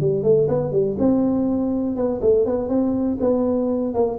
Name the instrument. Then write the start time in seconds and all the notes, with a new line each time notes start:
tuba
0.00 G3
0.23 A3
0.48 B3
0.72 G3
0.98 C4
1.95 B3
2.21 A3
2.45 B3
2.68 C4
3.20 B3
3.94 A#3